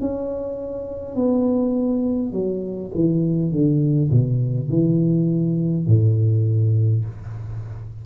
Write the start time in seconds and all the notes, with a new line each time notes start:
0.00 C#4
1.15 B3
2.32 F#3
2.95 E3
3.51 D3
4.11 B2
4.69 E3
5.87 A2